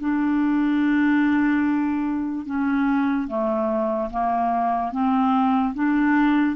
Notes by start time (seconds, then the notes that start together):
0.00 D4
2.46 C#4
3.28 A3
4.10 A#3
4.92 C4
5.75 D4